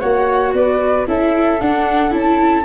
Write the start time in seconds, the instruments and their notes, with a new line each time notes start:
0.00 tuba A#3, viola F#4, flute C#5 F#5
0.53 tuba B3, flute B4 D5
1.06 tuba C#4, viola E4, flute A4 E5
1.60 tuba D4, viola D4, flute F#5
2.10 tuba C#4, viola E4
2.16 flute A5